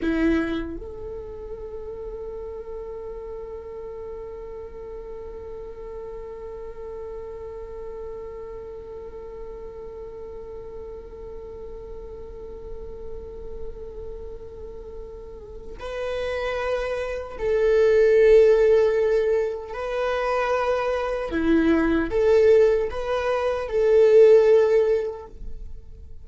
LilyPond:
\new Staff \with { instrumentName = "viola" } { \time 4/4 \tempo 4 = 76 e'4 a'2.~ | a'1~ | a'1~ | a'1~ |
a'1 | b'2 a'2~ | a'4 b'2 e'4 | a'4 b'4 a'2 | }